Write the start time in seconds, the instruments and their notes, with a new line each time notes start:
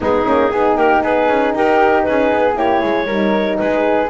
0.00 double bass G#3, horn B3, flute D#4, clarinet G#4
0.24 double bass A#3, horn C#4
0.50 double bass B3, horn D#4, flute G#4
0.76 double bass A#3, flute G4, clarinet A#4
1.02 double bass B3, flute G#4, clarinet B4
1.28 double bass C#4
1.54 double bass D#4, flute G4, clarinet A#4
2.02 double bass C#4, flute G#4, clarinet B4
2.31 double bass B3
2.54 double bass A#3, horn E4, flute G4, clarinet C#5
2.79 double bass G#3, flute G#4
3.06 double bass G3, horn D#4, flute A#4
3.57 double bass G#3, flute G#4, clarinet B4